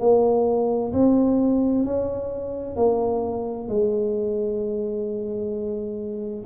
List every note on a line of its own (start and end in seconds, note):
0.00 0.92 A#3
0.93 1.85 C4
1.85 2.76 C#4
2.76 3.68 A#3
3.68 6.45 G#3